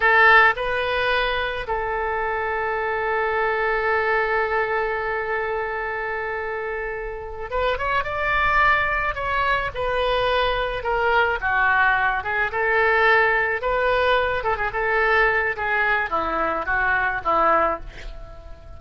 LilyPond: \new Staff \with { instrumentName = "oboe" } { \time 4/4 \tempo 4 = 108 a'4 b'2 a'4~ | a'1~ | a'1~ | a'4. b'8 cis''8 d''4.~ |
d''8 cis''4 b'2 ais'8~ | ais'8 fis'4. gis'8 a'4.~ | a'8 b'4. a'16 gis'16 a'4. | gis'4 e'4 fis'4 e'4 | }